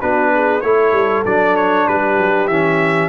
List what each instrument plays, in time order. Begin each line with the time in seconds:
0.00 tuba B3, trombone D4, horn F#4, trumpet B4
0.33 horn G#4
0.61 tuba A3, trombone E4, horn A4, trumpet C#5
0.92 tuba G3
1.25 tuba F#3, trombone D4, trumpet D5
1.56 trumpet C#5
1.87 tuba G3, horn G4, trumpet B4
2.18 tuba F#3
2.47 tuba E3, trombone C#4, trumpet E5